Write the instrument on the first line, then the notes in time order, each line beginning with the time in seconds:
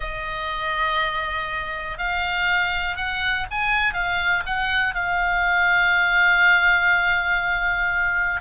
oboe
0.00 D#5
1.98 F5
2.96 F#5
3.50 G#5
3.93 F5
4.46 F#5
4.94 F5